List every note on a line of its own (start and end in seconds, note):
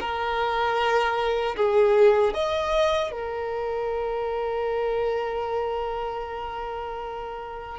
0.00 1.56 A#4
1.56 2.34 G#4
2.34 3.12 D#5
3.12 7.79 A#4